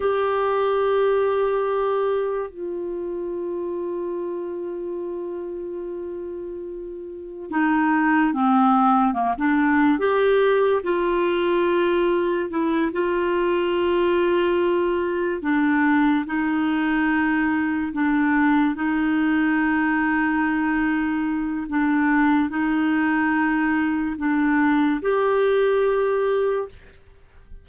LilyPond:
\new Staff \with { instrumentName = "clarinet" } { \time 4/4 \tempo 4 = 72 g'2. f'4~ | f'1~ | f'4 dis'4 c'4 ais16 d'8. | g'4 f'2 e'8 f'8~ |
f'2~ f'8 d'4 dis'8~ | dis'4. d'4 dis'4.~ | dis'2 d'4 dis'4~ | dis'4 d'4 g'2 | }